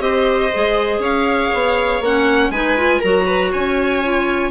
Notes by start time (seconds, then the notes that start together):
0.00 C4 G4 C5 D#5
0.53 G#3 G#4
0.99 C#4 C#5 F5
1.54 B3
2.01 A#3 C#4 F#5
2.50 G#3 D#4 B4 G#5
2.77 F4
3.00 F#3 F#4 A#4 A#5
3.26 B4
3.52 C#4 C#5 G#5
4.03 F4